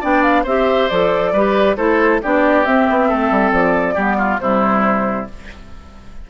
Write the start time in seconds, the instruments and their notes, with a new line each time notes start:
0.00 bassoon B3, clarinet D4, oboe D5, flute G5
0.23 flute F5
0.43 bassoon C4, clarinet G4, oboe C5, flute E5
0.88 bassoon F3, clarinet A4, flute D5
1.32 bassoon G3, clarinet G4, oboe B4
1.76 bassoon A3, clarinet E4, oboe A4, flute C5
2.22 bassoon B3, clarinet D4, oboe G4, flute D5
2.64 clarinet C4, bassoon C4, flute E5
2.89 bassoon B3
3.08 bassoon A3, oboe A4
3.30 bassoon G3
3.51 bassoon F3, flute D5
3.94 bassoon G3, clarinet B3, oboe G4
4.17 oboe F4
4.39 bassoon C3, clarinet G3, oboe E4, flute C5